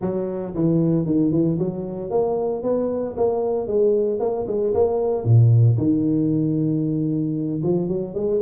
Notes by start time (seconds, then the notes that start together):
0.01 F#3
0.55 E3
1.05 D#3
1.31 E3
1.58 F#3
2.10 A#3
2.62 B3
3.17 A#3
3.67 G#3
4.19 A#3
4.47 G#3
4.74 A#3
5.24 A#2
5.77 D#3
7.63 F3
7.88 F#3
8.14 G#3